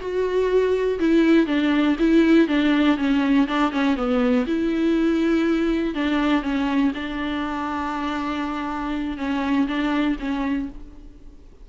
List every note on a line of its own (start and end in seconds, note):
0.00 0.99 F#4
0.99 1.47 E4
1.47 1.96 D4
1.99 2.48 E4
2.48 2.97 D4
2.98 3.47 C#4
3.47 3.72 D4
3.72 3.96 C#4
3.96 4.46 B3
4.47 5.95 E4
5.95 6.42 D4
6.42 6.92 C#4
6.94 9.17 D4
9.17 9.67 C#4
9.67 10.17 D4
10.19 10.69 C#4